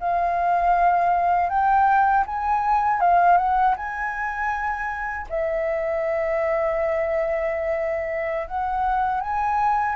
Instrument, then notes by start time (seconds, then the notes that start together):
flute
0.00 F5
1.50 G5
2.26 G#5
3.01 F5
3.38 F#5
3.77 G#5
5.29 E5
8.47 F#5
9.20 G#5